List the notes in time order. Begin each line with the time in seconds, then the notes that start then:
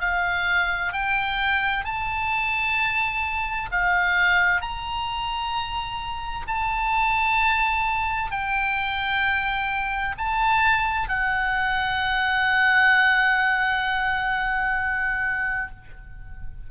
0.00 F5
0.93 G5
1.85 A5
3.71 F5
4.62 A#5
6.47 A5
8.31 G5
10.18 A5
11.09 F#5